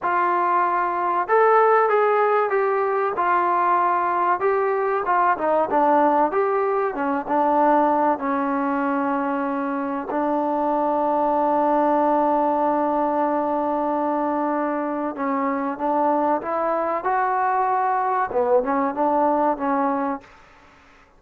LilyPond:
\new Staff \with { instrumentName = "trombone" } { \time 4/4 \tempo 4 = 95 f'2 a'4 gis'4 | g'4 f'2 g'4 | f'8 dis'8 d'4 g'4 cis'8 d'8~ | d'4 cis'2. |
d'1~ | d'1 | cis'4 d'4 e'4 fis'4~ | fis'4 b8 cis'8 d'4 cis'4 | }